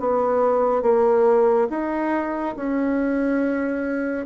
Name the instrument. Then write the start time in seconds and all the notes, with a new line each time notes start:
bassoon
0.00 B3
0.83 A#3
1.70 D#4
2.56 C#4